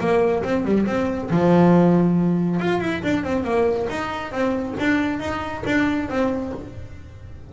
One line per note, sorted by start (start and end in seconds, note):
0.00 0.43 A#3
0.44 0.65 C4
0.65 0.86 G3
0.86 1.30 C4
1.30 2.60 F3
2.60 2.81 F4
2.81 3.03 E4
3.03 3.24 D4
3.24 3.44 C4
3.44 3.87 A#3
3.90 4.32 D#4
4.32 4.75 C4
4.80 5.20 D4
5.20 5.63 D#4
5.66 6.09 D4
6.09 6.53 C4